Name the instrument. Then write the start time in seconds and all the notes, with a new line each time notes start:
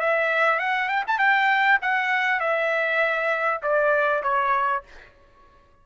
trumpet
0.00 E5
0.59 F#5
0.89 G5
1.07 A5
1.18 G5
1.82 F#5
2.40 E5
3.62 D5
4.23 C#5